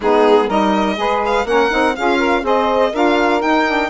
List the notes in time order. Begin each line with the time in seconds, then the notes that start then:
0.00 G#3 B3 D#4 G#4
0.46 G3 D#4 A#4 D#5
0.96 G#3 G#4 B4
1.25 F5
1.44 A#3 C#4 A#4 F#5
1.69 C4 D#4
1.95 C#4 F4 G#4 F5
2.18 A#4
2.42 C4 G#4 C5 D#5
2.92 D4 F4 A#4 F5
3.39 D#4 G5
3.66 D4